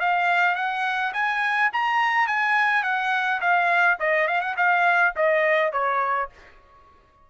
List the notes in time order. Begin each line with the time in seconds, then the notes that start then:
0.00 F5
0.56 F#5
1.13 G#5
1.73 A#5
2.28 G#5
2.83 F#5
3.41 F5
4.00 D#5
4.28 F5
4.41 F#5
4.57 F5
5.16 D#5
5.73 C#5